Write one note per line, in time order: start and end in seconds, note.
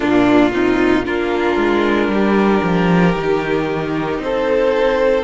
0.00 1.07 A#2
0.00 0.52 A#3
0.00 0.51 D4
0.00 1.05 F4
0.52 1.04 C4
0.52 1.05 D#4
1.04 1.56 A#3
1.04 3.15 D4
1.04 2.11 F4
1.04 4.21 A#4
1.56 2.08 G#3
2.08 2.60 G3
2.08 4.23 G4
2.62 3.15 F3
3.15 4.19 D#3
3.15 5.24 D#4
4.19 5.24 C4
4.19 5.24 A4
4.19 5.24 C5